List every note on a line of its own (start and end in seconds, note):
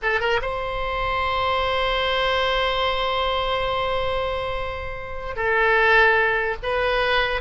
0.02 0.20 A4
0.20 0.40 A#4
0.41 5.35 C5
5.35 6.55 A4
6.62 7.41 B4